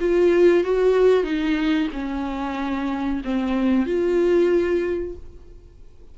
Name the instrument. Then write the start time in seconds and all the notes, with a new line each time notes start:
viola
0.00 F4
0.64 F#4
1.23 D#4
1.93 C#4
3.25 C4
3.86 F4